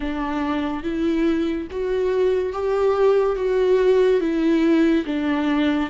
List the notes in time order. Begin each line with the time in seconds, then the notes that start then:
0.00 D4
0.83 E4
1.71 F#4
2.52 G4
3.36 F#4
4.20 E4
5.05 D4